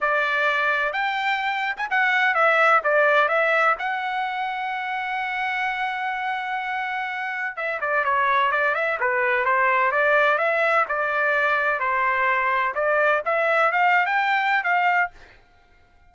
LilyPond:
\new Staff \with { instrumentName = "trumpet" } { \time 4/4 \tempo 4 = 127 d''2 g''4.~ g''16 gis''16 | fis''4 e''4 d''4 e''4 | fis''1~ | fis''1 |
e''8 d''8 cis''4 d''8 e''8 b'4 | c''4 d''4 e''4 d''4~ | d''4 c''2 d''4 | e''4 f''8. g''4~ g''16 f''4 | }